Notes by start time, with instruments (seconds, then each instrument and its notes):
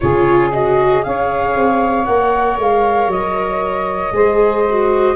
0.00 tuba C#3, viola F4, saxophone G#4, flute C#5
0.52 viola F#4, flute D#5
1.02 tuba C#4, viola G#4, saxophone C#5, flute F5
1.55 tuba C4
2.05 tuba A#3, viola A#4, flute F#5
2.58 tuba G#3, flute F5
3.07 tuba F#3, flute D#5
4.12 tuba G#3, viola G#4, saxophone C5
4.69 viola F#4